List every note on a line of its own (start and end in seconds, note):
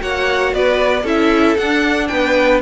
0.00 0.54 A#3
0.00 1.04 F#4
0.00 0.55 C#5
0.00 0.54 F#5
0.54 1.04 B3
0.54 1.03 B4
0.54 1.06 D5
1.03 1.56 C#4
1.03 1.58 E4
1.03 2.08 A4
1.03 1.57 E5
1.57 2.10 D4
1.57 2.62 D4
1.57 2.08 F#5
2.08 2.62 B3
2.08 2.62 B4
2.08 2.60 G5